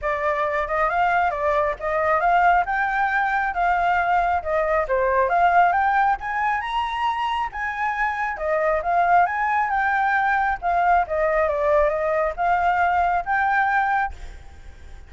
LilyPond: \new Staff \with { instrumentName = "flute" } { \time 4/4 \tempo 4 = 136 d''4. dis''8 f''4 d''4 | dis''4 f''4 g''2 | f''2 dis''4 c''4 | f''4 g''4 gis''4 ais''4~ |
ais''4 gis''2 dis''4 | f''4 gis''4 g''2 | f''4 dis''4 d''4 dis''4 | f''2 g''2 | }